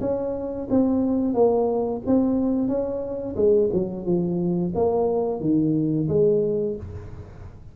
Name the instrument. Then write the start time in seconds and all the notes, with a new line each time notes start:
tuba
0.00 C#4
0.70 C4
1.34 A#3
2.06 C4
2.68 C#4
3.36 G#3
3.72 F#3
4.05 F3
4.75 A#3
5.40 D#3
6.08 G#3